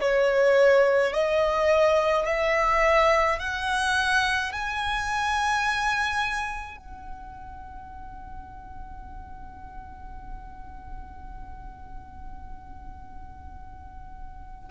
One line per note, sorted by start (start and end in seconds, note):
0.00 1.13 C#5
1.13 2.26 D#5
2.26 3.39 E5
3.39 4.52 F#5
4.52 6.77 G#5
6.77 14.70 F#5